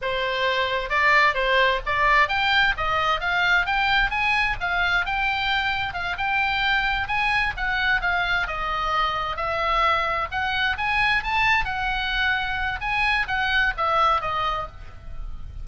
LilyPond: \new Staff \with { instrumentName = "oboe" } { \time 4/4 \tempo 4 = 131 c''2 d''4 c''4 | d''4 g''4 dis''4 f''4 | g''4 gis''4 f''4 g''4~ | g''4 f''8 g''2 gis''8~ |
gis''8 fis''4 f''4 dis''4.~ | dis''8 e''2 fis''4 gis''8~ | gis''8 a''4 fis''2~ fis''8 | gis''4 fis''4 e''4 dis''4 | }